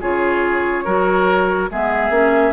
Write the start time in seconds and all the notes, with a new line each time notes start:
0.00 C#3 F4 G#4 C#5
0.84 F#3 F#4 A#4
1.70 G#3 B3 G#4 E5
2.09 A#3 C#4